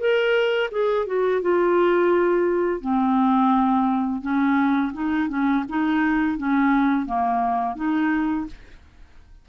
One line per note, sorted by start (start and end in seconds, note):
0.00 0.71 A#4
0.72 1.07 G#4
1.07 1.42 F#4
1.42 2.81 F4
2.81 4.22 C4
4.22 4.93 C#4
4.94 5.29 D#4
5.29 5.65 C#4
5.70 6.38 D#4
6.38 7.07 C#4
7.07 7.76 A#3
7.76 8.47 D#4